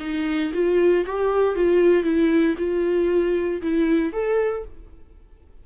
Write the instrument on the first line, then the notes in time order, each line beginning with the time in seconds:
viola
0.00 D#4
0.53 F4
1.06 G4
1.56 F4
2.03 E4
2.58 F4
3.62 E4
4.12 A4